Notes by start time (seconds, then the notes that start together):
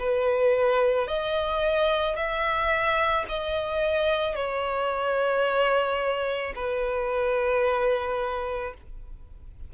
0.00 B4
1.08 D#5
2.17 E5
3.29 D#5
4.36 C#5
6.56 B4